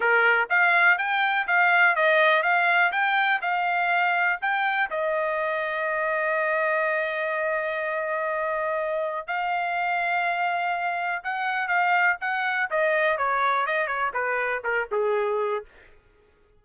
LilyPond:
\new Staff \with { instrumentName = "trumpet" } { \time 4/4 \tempo 4 = 123 ais'4 f''4 g''4 f''4 | dis''4 f''4 g''4 f''4~ | f''4 g''4 dis''2~ | dis''1~ |
dis''2. f''4~ | f''2. fis''4 | f''4 fis''4 dis''4 cis''4 | dis''8 cis''8 b'4 ais'8 gis'4. | }